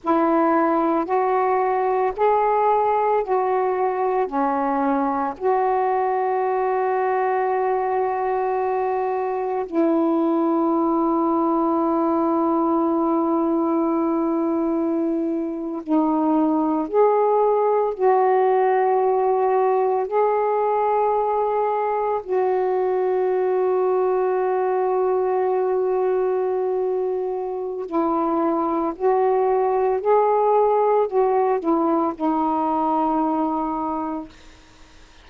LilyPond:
\new Staff \with { instrumentName = "saxophone" } { \time 4/4 \tempo 4 = 56 e'4 fis'4 gis'4 fis'4 | cis'4 fis'2.~ | fis'4 e'2.~ | e'2~ e'8. dis'4 gis'16~ |
gis'8. fis'2 gis'4~ gis'16~ | gis'8. fis'2.~ fis'16~ | fis'2 e'4 fis'4 | gis'4 fis'8 e'8 dis'2 | }